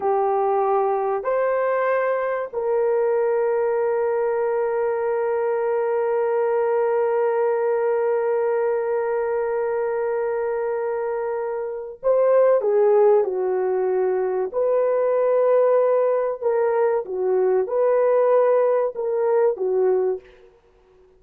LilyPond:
\new Staff \with { instrumentName = "horn" } { \time 4/4 \tempo 4 = 95 g'2 c''2 | ais'1~ | ais'1~ | ais'1~ |
ais'2. c''4 | gis'4 fis'2 b'4~ | b'2 ais'4 fis'4 | b'2 ais'4 fis'4 | }